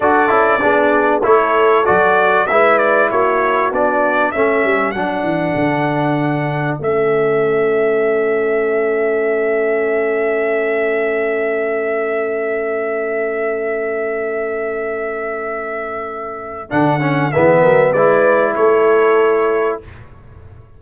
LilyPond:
<<
  \new Staff \with { instrumentName = "trumpet" } { \time 4/4 \tempo 4 = 97 d''2 cis''4 d''4 | e''8 d''8 cis''4 d''4 e''4 | fis''2. e''4~ | e''1~ |
e''1~ | e''1~ | e''2. fis''4 | e''4 d''4 cis''2 | }
  \new Staff \with { instrumentName = "horn" } { \time 4/4 a'4 gis'4 a'2 | b'4 fis'2 a'4~ | a'1~ | a'1~ |
a'1~ | a'1~ | a'1 | gis'8 ais'8 b'4 a'2 | }
  \new Staff \with { instrumentName = "trombone" } { \time 4/4 fis'8 e'8 d'4 e'4 fis'4 | e'2 d'4 cis'4 | d'2. cis'4~ | cis'1~ |
cis'1~ | cis'1~ | cis'2. d'8 cis'8 | b4 e'2. | }
  \new Staff \with { instrumentName = "tuba" } { \time 4/4 d'8 cis'8 b4 a4 fis4 | gis4 ais4 b4 a8 g8 | fis8 e8 d2 a4~ | a1~ |
a1~ | a1~ | a2. d4 | e8 fis8 gis4 a2 | }
>>